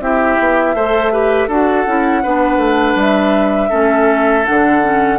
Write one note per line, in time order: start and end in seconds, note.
0.00 0.37 C4
0.00 0.76 E4
0.00 0.76 G4
0.00 1.50 E5
0.40 0.74 B3
0.74 1.48 A3
0.74 1.12 A4
0.74 1.13 C5
1.12 1.49 G4
1.12 1.48 B4
1.48 1.85 D4
1.48 1.87 F#4
1.48 2.22 A4
1.48 2.99 F#5
1.87 2.24 C#4
1.87 2.24 E4
2.23 2.57 B3
2.23 3.70 D4
2.23 3.70 B4
2.57 2.94 A3
2.95 3.69 G3
2.95 4.46 E5
3.70 4.47 A3
3.70 4.44 C#4
3.70 5.18 A4
4.45 5.19 D3
4.45 4.82 D4
4.45 5.19 F#5
4.82 5.19 C#4